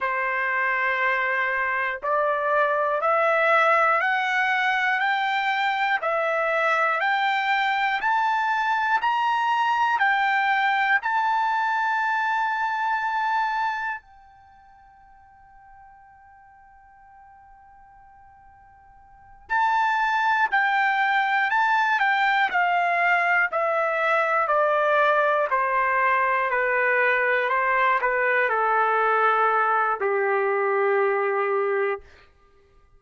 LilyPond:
\new Staff \with { instrumentName = "trumpet" } { \time 4/4 \tempo 4 = 60 c''2 d''4 e''4 | fis''4 g''4 e''4 g''4 | a''4 ais''4 g''4 a''4~ | a''2 g''2~ |
g''2.~ g''8 a''8~ | a''8 g''4 a''8 g''8 f''4 e''8~ | e''8 d''4 c''4 b'4 c''8 | b'8 a'4. g'2 | }